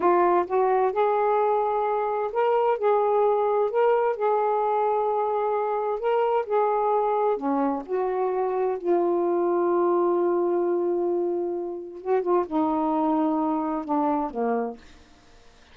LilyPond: \new Staff \with { instrumentName = "saxophone" } { \time 4/4 \tempo 4 = 130 f'4 fis'4 gis'2~ | gis'4 ais'4 gis'2 | ais'4 gis'2.~ | gis'4 ais'4 gis'2 |
cis'4 fis'2 f'4~ | f'1~ | f'2 fis'8 f'8 dis'4~ | dis'2 d'4 ais4 | }